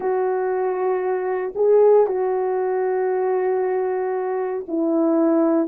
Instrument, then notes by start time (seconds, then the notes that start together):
horn
0.00 F#4
1.55 G#4
2.06 F#4
4.68 E4